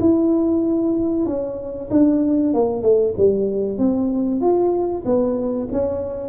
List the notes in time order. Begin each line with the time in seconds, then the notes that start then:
0.00 E4
1.26 C#4
1.91 D4
2.54 A#3
2.82 A3
3.17 G3
3.78 C4
4.41 F4
5.05 B3
5.72 C#4